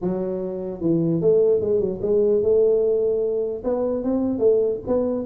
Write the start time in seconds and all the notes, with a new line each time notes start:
0.01 F#3
0.80 E3
1.21 A3
1.60 G#3
1.80 F#3
2.02 G#3
2.42 A3
3.64 B3
4.03 C4
4.38 A3
4.87 B3